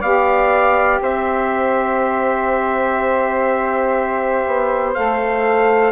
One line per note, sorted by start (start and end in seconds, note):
0.00 1.00 B3
0.00 4.95 G4
0.00 0.98 D5
0.00 1.00 F5
1.01 4.45 C4
1.01 5.92 C5
1.01 4.94 E5
4.47 4.96 B3
4.94 5.92 A3
4.94 5.92 A4
4.94 5.92 F5